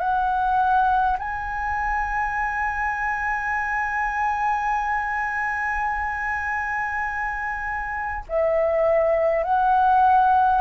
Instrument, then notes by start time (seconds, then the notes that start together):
flute
0.00 F#5
1.19 G#5
8.29 E5
9.44 F#5